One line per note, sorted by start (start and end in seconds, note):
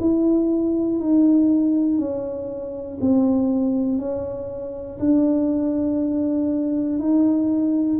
0.00 0.99 E4
0.99 1.98 D#4
1.98 2.98 C#4
3.00 3.99 C4
3.99 4.99 C#4
4.99 6.99 D4
6.99 7.99 D#4